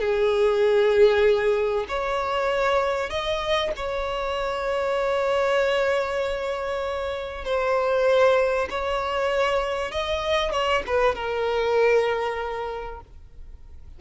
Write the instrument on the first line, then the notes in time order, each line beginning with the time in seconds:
violin
0.00 G#4
1.88 C#5
3.10 D#5
3.76 C#5
7.45 C5
8.70 C#5
9.91 D#5
10.52 C#5
10.86 B4
11.15 A#4